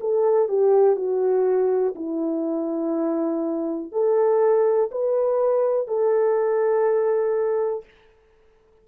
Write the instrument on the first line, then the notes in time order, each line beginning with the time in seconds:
horn
0.00 A4
0.48 G4
0.96 F#4
1.95 E4
3.92 A4
4.91 B4
5.87 A4